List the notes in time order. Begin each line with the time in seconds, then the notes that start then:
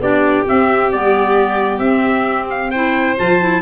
0.00 B3 D4 G4 D5
0.46 C4 E5
0.92 G3 B3 D5
1.79 C4 E5
2.50 F5
2.71 E4 C5 G5
3.17 F3 F4 A5
3.40 E4